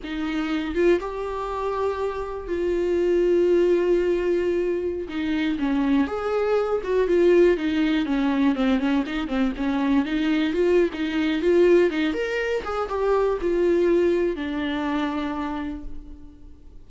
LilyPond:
\new Staff \with { instrumentName = "viola" } { \time 4/4 \tempo 4 = 121 dis'4. f'8 g'2~ | g'4 f'2.~ | f'2~ f'16 dis'4 cis'8.~ | cis'16 gis'4. fis'8 f'4 dis'8.~ |
dis'16 cis'4 c'8 cis'8 dis'8 c'8 cis'8.~ | cis'16 dis'4 f'8. dis'4 f'4 | dis'8 ais'4 gis'8 g'4 f'4~ | f'4 d'2. | }